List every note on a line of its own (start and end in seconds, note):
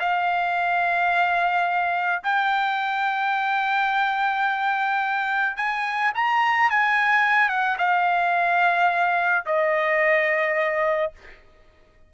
0.00 2.22 F5
2.24 5.57 G5
5.57 6.12 G#5
6.15 6.70 A#5
6.70 7.49 G#5
7.49 7.77 F#5
7.79 9.45 F5
9.46 11.13 D#5